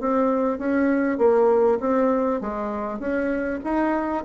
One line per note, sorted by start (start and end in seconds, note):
0.00 0.59 C4
0.59 1.18 C#4
1.18 1.79 A#3
1.80 2.41 C4
2.41 2.99 G#3
2.99 3.60 C#4
3.64 4.25 D#4